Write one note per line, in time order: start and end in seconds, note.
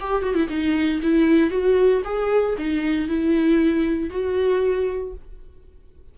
0.00 0.23 G4
0.23 0.35 F#4
0.35 0.48 E4
0.49 1.01 D#4
1.03 1.51 E4
1.51 2.02 F#4
2.05 2.56 G#4
2.58 3.09 D#4
3.09 4.11 E4
4.11 5.14 F#4